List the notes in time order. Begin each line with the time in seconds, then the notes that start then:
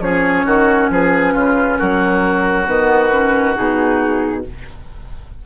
0.00 F3 C#4 G#4 C#5
0.46 D#3 F#4
0.90 F3 G#4 B4
1.34 C#3 F4
1.78 F#3 F#4 A#4
2.66 D#3 B3 B4
3.12 C#4
3.54 B2 D#4 G#4